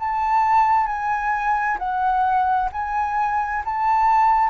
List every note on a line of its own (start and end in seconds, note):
0.00 0.87 A5
0.87 1.78 G#5
1.79 2.70 F#5
2.73 3.64 G#5
3.65 4.50 A5